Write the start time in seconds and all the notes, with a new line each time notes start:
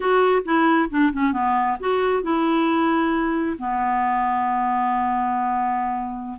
0.00 F#4
0.45 E4
0.90 D4
1.13 C#4
1.32 B3
1.80 F#4
2.23 E4
3.58 B3